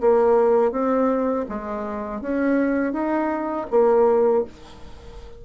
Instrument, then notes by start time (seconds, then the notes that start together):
bassoon
0.00 A#3
0.71 C4
1.48 G#3
2.21 C#4
2.92 D#4
3.70 A#3